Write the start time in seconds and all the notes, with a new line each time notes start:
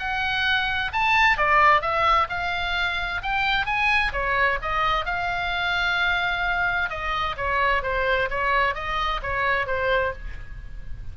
0.00 F#5
0.93 A5
1.38 D5
1.82 E5
2.30 F5
3.23 G5
3.66 G#5
4.13 C#5
4.62 D#5
5.06 F5
6.90 D#5
7.37 C#5
7.83 C5
8.31 C#5
8.75 D#5
9.23 C#5
9.67 C5